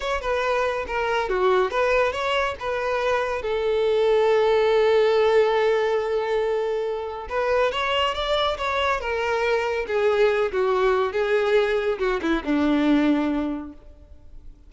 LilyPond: \new Staff \with { instrumentName = "violin" } { \time 4/4 \tempo 4 = 140 cis''8 b'4. ais'4 fis'4 | b'4 cis''4 b'2 | a'1~ | a'1~ |
a'4 b'4 cis''4 d''4 | cis''4 ais'2 gis'4~ | gis'8 fis'4. gis'2 | fis'8 e'8 d'2. | }